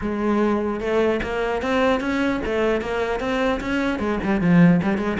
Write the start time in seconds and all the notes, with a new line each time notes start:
0.01 G#3
0.80 A3
1.23 A#3
1.62 C4
2.00 C#4
2.45 A3
2.81 A#3
3.20 C4
3.60 C#4
3.99 G#3
4.23 G3
4.41 F3
4.82 G3
4.97 G#3